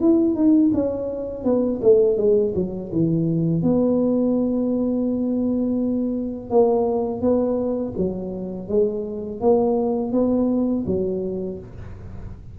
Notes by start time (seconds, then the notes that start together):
0.00 E4
0.35 D#4
0.73 C#4
1.44 B3
1.82 A3
2.17 G#3
2.55 F#3
2.91 E3
3.62 B3
6.50 A#3
7.21 B3
7.97 F#3
8.68 G#3
9.40 A#3
10.12 B3
10.86 F#3